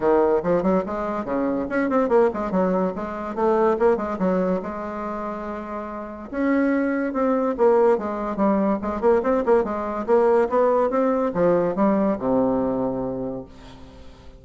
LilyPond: \new Staff \with { instrumentName = "bassoon" } { \time 4/4 \tempo 4 = 143 dis4 f8 fis8 gis4 cis4 | cis'8 c'8 ais8 gis8 fis4 gis4 | a4 ais8 gis8 fis4 gis4~ | gis2. cis'4~ |
cis'4 c'4 ais4 gis4 | g4 gis8 ais8 c'8 ais8 gis4 | ais4 b4 c'4 f4 | g4 c2. | }